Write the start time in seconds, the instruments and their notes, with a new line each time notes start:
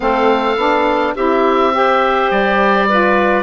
0.00 bassoon A3, saxophone C4, clarinet A4, oboe F5
0.56 bassoon B3, saxophone D4
1.15 bassoon C4, saxophone E4, clarinet G4, oboe E5
1.73 saxophone G4, clarinet C5
2.30 bassoon G3, oboe D5
2.88 saxophone F4, clarinet B4